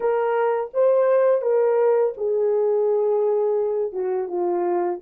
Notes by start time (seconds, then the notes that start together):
0.00 A#4
0.73 C5
1.41 A#4
2.17 G#4
3.92 F#4
4.28 F4